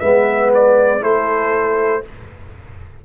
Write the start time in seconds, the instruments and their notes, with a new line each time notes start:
0.00 tuba G#3, trombone B3, horn B4, trumpet E5
0.55 trumpet D5
1.01 tuba A3, trombone E4, horn A4, trumpet C5